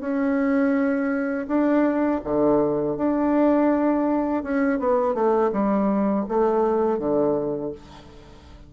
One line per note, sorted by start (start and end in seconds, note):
0.00 1.46 C#4
1.47 2.21 D4
2.24 2.96 D3
2.96 4.43 D4
4.43 4.79 C#4
4.79 5.14 B3
5.14 5.51 A3
5.52 6.25 G3
6.28 6.98 A3
6.98 7.72 D3